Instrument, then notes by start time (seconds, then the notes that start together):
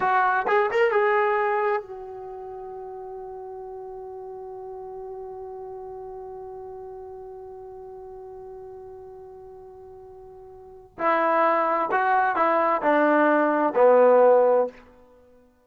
trombone
0.00 F#4
0.47 G#4
0.71 A#4
0.91 G#4
1.82 F#4
10.98 E4
11.91 F#4
12.35 E4
12.82 D4
13.75 B3